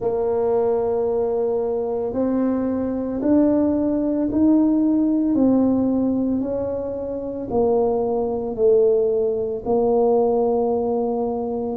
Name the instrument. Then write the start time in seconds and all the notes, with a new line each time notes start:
tuba
0.00 A#3
2.13 C4
3.21 D4
4.31 D#4
5.35 C4
6.40 C#4
7.50 A#3
8.55 A3
9.65 A#3